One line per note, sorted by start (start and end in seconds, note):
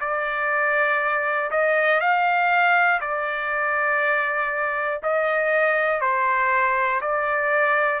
0.00 1.50 D5
1.50 2.00 D#5
2.00 3.00 F5
3.00 5.00 D5
5.02 6.00 D#5
6.00 7.00 C5
7.01 8.00 D5